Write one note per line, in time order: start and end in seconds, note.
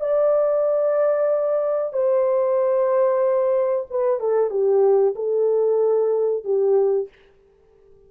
0.00 1.93 D5
1.93 3.86 C5
3.90 4.20 B4
4.20 4.50 A4
4.50 5.14 G4
5.15 6.44 A4
6.44 7.08 G4